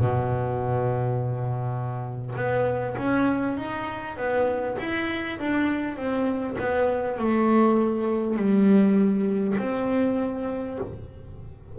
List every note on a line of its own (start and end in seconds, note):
0.00 2.36 B2
2.36 2.96 B3
2.97 3.57 C#4
3.58 4.17 D#4
4.17 4.77 B3
4.79 5.39 E4
5.39 5.97 D4
5.97 6.57 C4
6.59 7.19 B3
7.19 8.37 A3
8.37 9.57 G3
9.59 10.79 C4